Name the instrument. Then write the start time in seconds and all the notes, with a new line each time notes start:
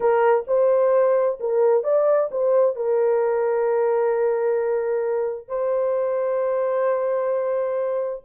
horn
0.00 A#4
0.47 C5
1.40 A#4
1.83 D5
2.31 C5
2.75 A#4
5.48 C5